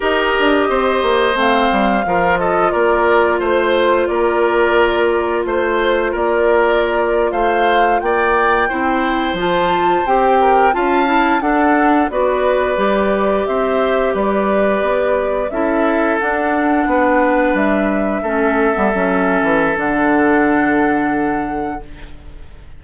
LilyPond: <<
  \new Staff \with { instrumentName = "flute" } { \time 4/4 \tempo 4 = 88 dis''2 f''4. dis''8 | d''4 c''4 d''2 | c''4 d''4.~ d''16 f''4 g''16~ | g''4.~ g''16 a''4 g''4 a''16~ |
a''8. fis''4 d''2 e''16~ | e''8. d''2 e''4 fis''16~ | fis''4.~ fis''16 e''2~ e''16~ | e''4 fis''2. | }
  \new Staff \with { instrumentName = "oboe" } { \time 4/4 ais'4 c''2 ais'8 a'8 | ais'4 c''4 ais'2 | c''4 ais'4.~ ais'16 c''4 d''16~ | d''8. c''2~ c''8 ais'8 f''16~ |
f''8. a'4 b'2 c''16~ | c''8. b'2 a'4~ a'16~ | a'8. b'2 a'4~ a'16~ | a'1 | }
  \new Staff \with { instrumentName = "clarinet" } { \time 4/4 g'2 c'4 f'4~ | f'1~ | f'1~ | f'8. e'4 f'4 g'4 f'16~ |
f'16 e'8 d'4 fis'4 g'4~ g'16~ | g'2~ g'8. e'4 d'16~ | d'2~ d'8. cis'8. b16 cis'16~ | cis'4 d'2. | }
  \new Staff \with { instrumentName = "bassoon" } { \time 4/4 dis'8 d'8 c'8 ais8 a8 g8 f4 | ais4 a4 ais2 | a4 ais4.~ ais16 a4 ais16~ | ais8. c'4 f4 c'4 cis'16~ |
cis'8. d'4 b4 g4 c'16~ | c'8. g4 b4 cis'4 d'16~ | d'8. b4 g4 a8. g16 fis16~ | fis8 e8 d2. | }
>>